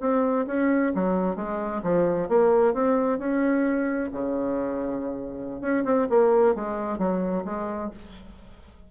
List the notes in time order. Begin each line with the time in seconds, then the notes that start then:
0.00 C4
0.47 C#4
0.95 F#3
1.36 G#3
1.83 F3
2.29 A#3
2.74 C4
3.19 C#4
4.12 C#3
5.61 C#4
5.85 C4
6.09 A#3
6.55 G#3
6.98 F#3
7.45 G#3